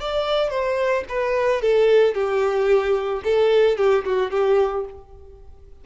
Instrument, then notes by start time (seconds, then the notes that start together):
violin
0.00 D5
0.50 C5
1.09 B4
1.61 A4
2.14 G4
3.24 A4
3.77 G4
4.05 F#4
4.30 G4